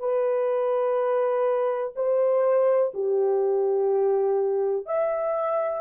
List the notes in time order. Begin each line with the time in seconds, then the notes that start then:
0.00 B4
1.96 C5
2.95 G4
4.87 E5